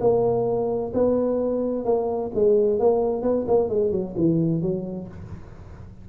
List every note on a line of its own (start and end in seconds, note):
0.00 0.92 A#3
0.94 1.85 B3
1.85 2.31 A#3
2.35 2.79 G#3
2.79 3.22 A#3
3.22 3.46 B3
3.48 3.69 A#3
3.69 3.91 G#3
3.91 4.15 F#3
4.17 4.62 E3
4.62 5.08 F#3